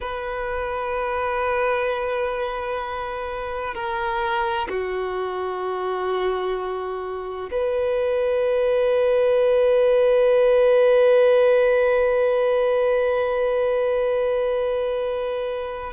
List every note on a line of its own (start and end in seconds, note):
0.00 3.74 B4
3.74 4.68 A#4
4.68 7.50 F#4
7.51 15.92 B4